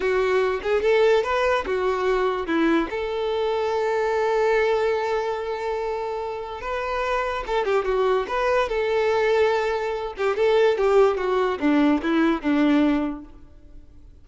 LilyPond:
\new Staff \with { instrumentName = "violin" } { \time 4/4 \tempo 4 = 145 fis'4. gis'8 a'4 b'4 | fis'2 e'4 a'4~ | a'1~ | a'1 |
b'2 a'8 g'8 fis'4 | b'4 a'2.~ | a'8 g'8 a'4 g'4 fis'4 | d'4 e'4 d'2 | }